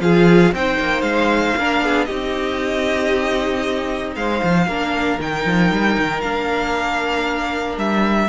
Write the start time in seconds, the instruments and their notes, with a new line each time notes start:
0.00 cello F3, viola F4, violin G#4 F5
0.52 cello C4, viola D#4, violin C5 G5
0.79 cello A#3
1.01 cello G#3, violin F5
1.57 cello A#3, viola D4, violin A#4
1.80 cello B3, violin G#4
2.05 cello C4, viola D#4, violin G4 D#5
4.15 cello G#3, violin C5 F5
4.43 cello F3
4.67 cello A#3, viola D4, violin A#4
5.19 cello D#3, viola D#4, violin G5
5.45 cello F3
5.71 cello G3
5.97 cello D#3
6.21 cello A#3, viola D4, violin F5
7.77 cello G3, violin E5